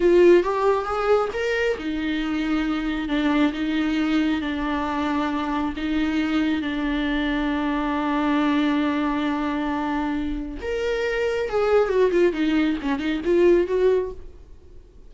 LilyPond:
\new Staff \with { instrumentName = "viola" } { \time 4/4 \tempo 4 = 136 f'4 g'4 gis'4 ais'4 | dis'2. d'4 | dis'2 d'2~ | d'4 dis'2 d'4~ |
d'1~ | d'1 | ais'2 gis'4 fis'8 f'8 | dis'4 cis'8 dis'8 f'4 fis'4 | }